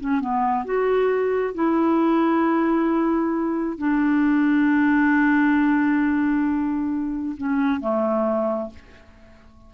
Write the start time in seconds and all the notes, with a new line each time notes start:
0.00 C#4
0.20 B3
0.65 F#4
1.54 E4
3.78 D4
7.37 C#4
7.80 A3